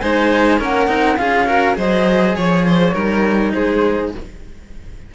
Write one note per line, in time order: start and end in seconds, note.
0.00 0.61 G#3
0.00 0.59 D#4
0.00 0.59 C5
0.00 0.59 G#5
0.59 0.88 A#3
0.59 0.87 C#4
0.59 1.18 A#4
0.59 1.17 F#5
0.87 1.18 C4
0.87 1.17 D#4
1.17 1.77 C#4
1.17 1.47 F4
1.17 1.47 G#4
1.17 1.76 F5
1.47 1.74 F#4
1.47 1.77 A#4
1.74 2.36 F#3
1.74 2.92 G#4
1.74 2.36 C5
1.74 2.37 D#5
2.36 2.94 F3
2.36 2.65 C#5
2.36 3.53 C#5
2.67 2.94 C5
2.94 3.53 G3
2.94 4.11 D#4
2.94 3.53 A#4
3.53 4.15 G#3
3.53 4.14 G#4
3.53 4.12 C5